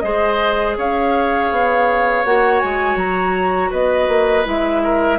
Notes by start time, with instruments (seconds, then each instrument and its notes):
0.00 bassoon G#3, clarinet G#4, oboe C5, flute D#5
0.77 bassoon C#4, oboe C#5, flute F5
1.51 bassoon B3
2.25 bassoon A#3, clarinet F#4, flute F#5
2.60 bassoon G#3, flute G#5
2.96 bassoon F#3, flute A#5
3.71 bassoon B3, oboe B4, flute D#5
4.08 bassoon A#3
4.45 bassoon G#3, clarinet E4, flute E5
4.84 oboe A#4